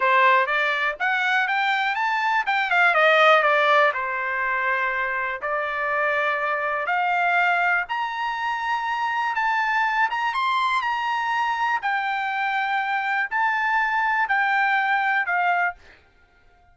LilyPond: \new Staff \with { instrumentName = "trumpet" } { \time 4/4 \tempo 4 = 122 c''4 d''4 fis''4 g''4 | a''4 g''8 f''8 dis''4 d''4 | c''2. d''4~ | d''2 f''2 |
ais''2. a''4~ | a''8 ais''8 c'''4 ais''2 | g''2. a''4~ | a''4 g''2 f''4 | }